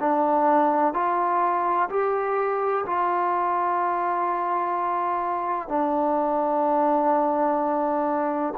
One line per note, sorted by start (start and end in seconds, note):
0.00 0.94 D4
0.94 1.89 F4
1.90 2.85 G4
2.86 5.68 F4
5.68 8.54 D4